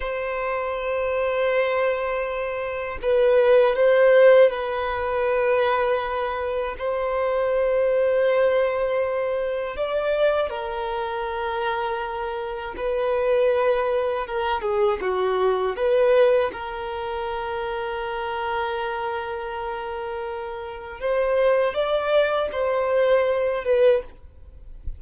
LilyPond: \new Staff \with { instrumentName = "violin" } { \time 4/4 \tempo 4 = 80 c''1 | b'4 c''4 b'2~ | b'4 c''2.~ | c''4 d''4 ais'2~ |
ais'4 b'2 ais'8 gis'8 | fis'4 b'4 ais'2~ | ais'1 | c''4 d''4 c''4. b'8 | }